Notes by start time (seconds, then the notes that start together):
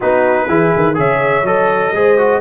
0.00 B3 D#4 F#4 B4
0.48 E3 E4 G#4
0.76 D#3
0.94 C#3 G#4 C#5 E5
1.43 F#3 A4 D#5
1.92 G#3 G#4 C5
2.17 F#4